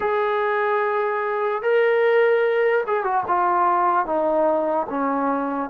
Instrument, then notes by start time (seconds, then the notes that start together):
trombone
0.00 G#4
1.62 A#4
2.86 G#4
3.03 F#4
3.27 F4
4.05 D#4
4.89 C#4